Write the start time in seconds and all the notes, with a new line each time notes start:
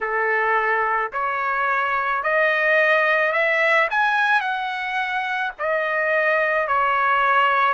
0.01 A4
1.12 C#5
2.23 D#5
3.32 E5
3.90 G#5
4.40 F#5
5.58 D#5
6.67 C#5